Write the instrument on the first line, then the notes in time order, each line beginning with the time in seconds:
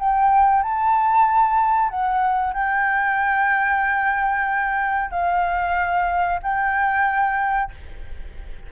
flute
0.00 G5
0.63 A5
1.90 F#5
2.54 G5
5.11 F5
6.43 G5